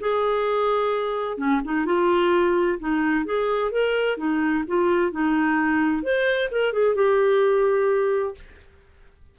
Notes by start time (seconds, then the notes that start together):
0.00 G#4
1.37 C#4
1.64 D#4
1.85 F4
2.79 D#4
3.25 G#4
3.71 A#4
4.17 D#4
4.67 F4
5.11 D#4
6.03 C5
6.51 A#4
6.73 G#4
6.95 G4